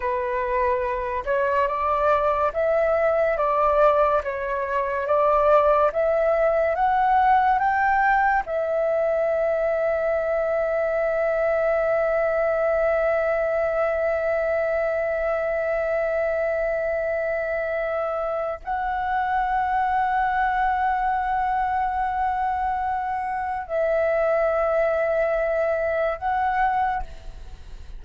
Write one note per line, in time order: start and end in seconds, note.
0.00 1.24 B4
1.25 1.67 C#5
1.67 2.52 D5
2.53 3.37 E5
3.37 4.21 D5
4.23 5.06 C#5
5.06 5.91 D5
5.92 6.75 E5
6.75 7.58 F#5
7.58 8.43 G5
8.45 18.60 E5
18.63 23.67 F#5
23.67 26.18 E5
26.18 27.02 F#5